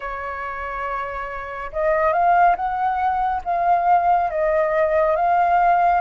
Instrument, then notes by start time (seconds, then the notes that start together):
flute
0.00 C#5
1.72 D#5
2.12 F5
2.56 F#5
3.44 F5
4.30 D#5
5.15 F5